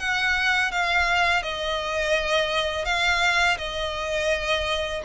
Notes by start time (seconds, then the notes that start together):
0.00 F#5
0.72 F5
1.43 D#5
2.86 F5
3.58 D#5